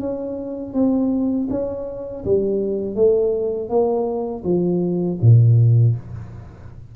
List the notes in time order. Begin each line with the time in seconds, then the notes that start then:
0.00 C#4
0.74 C4
1.50 C#4
2.25 G3
2.95 A3
3.69 A#3
4.44 F3
5.21 A#2